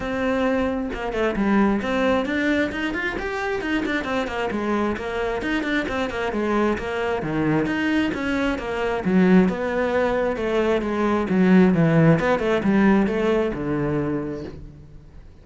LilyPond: \new Staff \with { instrumentName = "cello" } { \time 4/4 \tempo 4 = 133 c'2 ais8 a8 g4 | c'4 d'4 dis'8 f'8 g'4 | dis'8 d'8 c'8 ais8 gis4 ais4 | dis'8 d'8 c'8 ais8 gis4 ais4 |
dis4 dis'4 cis'4 ais4 | fis4 b2 a4 | gis4 fis4 e4 b8 a8 | g4 a4 d2 | }